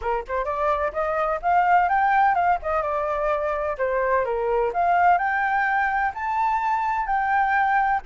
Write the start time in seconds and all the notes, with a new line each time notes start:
0.01 A#4
0.27 C5
0.44 D5
0.92 D#5
1.42 F5
1.88 G5
2.34 F5
2.62 D#5
2.82 D5
3.78 C5
4.25 A#4
4.73 F5
5.18 G5
6.14 A5
7.06 G5